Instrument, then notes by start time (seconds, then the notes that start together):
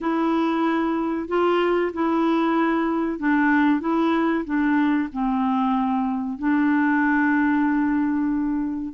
clarinet
0.01 E4
1.28 F4
1.93 E4
3.18 D4
3.80 E4
4.44 D4
5.12 C4
6.38 D4